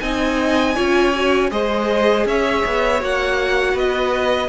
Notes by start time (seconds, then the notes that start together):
0.00 C4 D#4 D#5 G#5
0.75 C#4 F4 C#5
1.15 F#4
1.50 G#3 G#4 C5 D#5
2.25 C#4 C#5 E5
2.66 B3
2.99 A#3 F#4 F#5
3.73 B3 B4 D#5